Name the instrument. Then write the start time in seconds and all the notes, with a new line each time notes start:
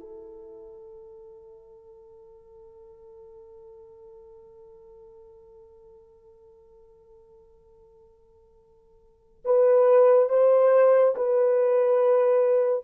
horn
0.00 A4
9.45 B4
10.29 C5
11.15 B4